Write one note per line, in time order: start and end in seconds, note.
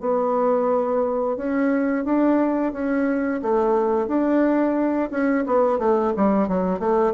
0.00 1.36 B3
1.36 2.05 C#4
2.05 2.72 D4
2.72 3.41 C#4
3.42 4.07 A3
4.07 5.10 D4
5.10 5.45 C#4
5.46 5.79 B3
5.79 6.13 A3
6.16 6.48 G3
6.48 6.79 F#3
6.79 7.13 A3